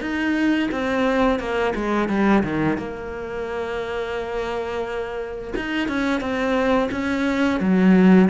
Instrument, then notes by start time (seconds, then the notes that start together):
cello
0.00 D#4
0.71 C4
1.39 A#3
1.75 G#3
2.08 G3
2.43 D#3
2.78 A#3
5.55 D#4
5.88 C#4
6.20 C4
6.91 C#4
7.60 F#3